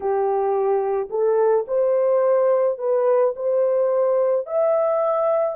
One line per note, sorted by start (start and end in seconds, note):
0.00 1.09 G4
1.10 1.65 A4
1.67 2.78 C5
2.78 3.33 B4
3.35 4.46 C5
4.46 5.55 E5